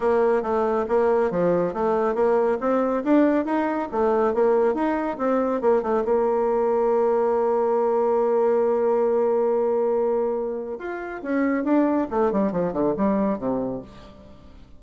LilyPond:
\new Staff \with { instrumentName = "bassoon" } { \time 4/4 \tempo 4 = 139 ais4 a4 ais4 f4 | a4 ais4 c'4 d'4 | dis'4 a4 ais4 dis'4 | c'4 ais8 a8 ais2~ |
ais1~ | ais1~ | ais4 f'4 cis'4 d'4 | a8 g8 f8 d8 g4 c4 | }